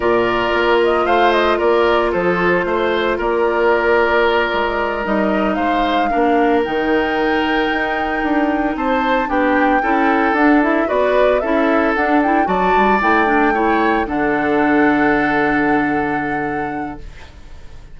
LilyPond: <<
  \new Staff \with { instrumentName = "flute" } { \time 4/4 \tempo 4 = 113 d''4. dis''8 f''8 dis''8 d''4 | c''2 d''2~ | d''4. dis''4 f''4.~ | f''8 g''2.~ g''8~ |
g''8 a''4 g''2 fis''8 | e''8 d''4 e''4 fis''8 g''8 a''8~ | a''8 g''2 fis''4.~ | fis''1 | }
  \new Staff \with { instrumentName = "oboe" } { \time 4/4 ais'2 c''4 ais'4 | a'4 c''4 ais'2~ | ais'2~ ais'8 c''4 ais'8~ | ais'1~ |
ais'8 c''4 g'4 a'4.~ | a'8 b'4 a'2 d''8~ | d''4. cis''4 a'4.~ | a'1 | }
  \new Staff \with { instrumentName = "clarinet" } { \time 4/4 f'1~ | f'1~ | f'4. dis'2 d'8~ | d'8 dis'2.~ dis'8~ |
dis'4. d'4 e'4 d'8 | e'8 fis'4 e'4 d'8 e'8 fis'8~ | fis'8 e'8 d'8 e'4 d'4.~ | d'1 | }
  \new Staff \with { instrumentName = "bassoon" } { \time 4/4 ais,4 ais4 a4 ais4 | f4 a4 ais2~ | ais8 gis4 g4 gis4 ais8~ | ais8 dis2 dis'4 d'8~ |
d'8 c'4 b4 cis'4 d'8~ | d'8 b4 cis'4 d'4 fis8 | g8 a2 d4.~ | d1 | }
>>